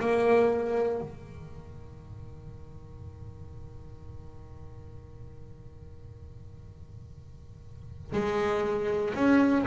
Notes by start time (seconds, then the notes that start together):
0.00 A#3
1.01 D#3
8.12 G#3
9.14 C#4